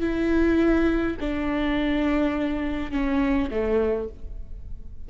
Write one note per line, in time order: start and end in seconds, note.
0.00 1.17 E4
1.20 2.91 D4
2.91 3.50 C#4
3.50 4.08 A3